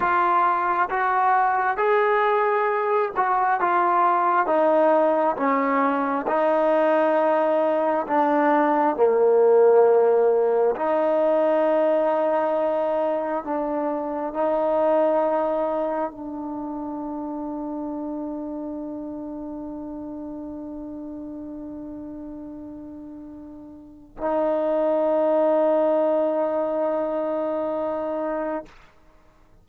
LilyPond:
\new Staff \with { instrumentName = "trombone" } { \time 4/4 \tempo 4 = 67 f'4 fis'4 gis'4. fis'8 | f'4 dis'4 cis'4 dis'4~ | dis'4 d'4 ais2 | dis'2. d'4 |
dis'2 d'2~ | d'1~ | d'2. dis'4~ | dis'1 | }